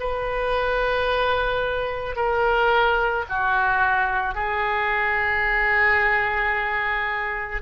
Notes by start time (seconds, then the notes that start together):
0.00 B4
2.16 A#4
3.29 F#4
4.34 G#4